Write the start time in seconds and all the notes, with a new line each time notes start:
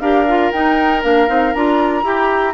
0.00 D4 G4 A#4 F5
0.27 F4
0.52 D#4 G5
1.02 A#3 D4 F5
1.27 C4 D#4
1.54 D4 F4 A#5
2.03 E4 G4